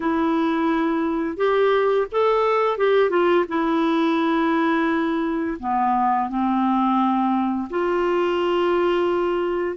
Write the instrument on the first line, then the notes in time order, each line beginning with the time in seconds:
clarinet
0.00 E4
1.36 G4
2.11 A4
2.77 G4
3.10 F4
3.48 E4
5.59 B3
6.29 C4
7.69 F4